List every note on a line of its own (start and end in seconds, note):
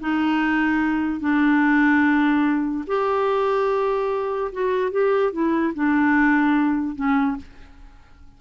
0.00 1.20 D#4
1.20 2.84 D4
2.87 4.51 G4
4.52 4.91 F#4
4.91 5.32 G4
5.32 5.73 E4
5.74 6.95 D4
6.95 7.36 C#4